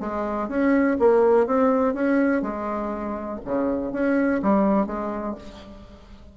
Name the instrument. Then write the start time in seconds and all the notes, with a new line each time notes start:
bassoon
0.00 G#3
0.48 C#4
0.99 A#3
1.46 C4
1.94 C#4
2.42 G#3
3.45 C#3
3.92 C#4
4.42 G3
4.86 G#3